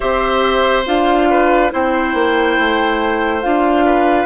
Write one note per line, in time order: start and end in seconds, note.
0.00 0.86 C4
0.00 0.84 G4
0.00 1.28 C5
0.00 0.85 E5
0.86 1.72 D4
0.86 1.70 F4
0.86 1.72 F5
1.29 1.72 B4
1.70 2.14 C4
1.70 3.42 E4
1.70 3.85 C5
1.70 3.41 G5
2.14 2.57 A#3
2.59 3.44 A3
3.41 4.25 D4
3.41 4.25 F4
3.41 4.25 F5
3.85 4.25 B4